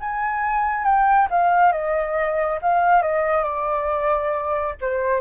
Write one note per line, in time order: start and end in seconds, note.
0.00 0.85 G#5
0.85 1.28 G5
1.30 1.72 F5
1.72 2.59 D#5
2.62 3.02 F5
3.02 3.44 D#5
3.44 4.74 D5
4.81 5.21 C5